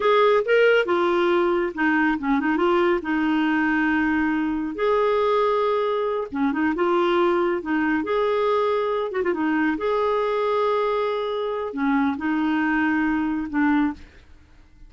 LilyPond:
\new Staff \with { instrumentName = "clarinet" } { \time 4/4 \tempo 4 = 138 gis'4 ais'4 f'2 | dis'4 cis'8 dis'8 f'4 dis'4~ | dis'2. gis'4~ | gis'2~ gis'8 cis'8 dis'8 f'8~ |
f'4. dis'4 gis'4.~ | gis'4 fis'16 f'16 dis'4 gis'4.~ | gis'2. cis'4 | dis'2. d'4 | }